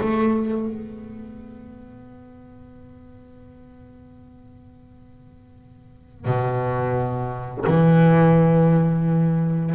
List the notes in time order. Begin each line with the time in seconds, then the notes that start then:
0.00 A3
0.68 B3
6.25 B2
7.66 E3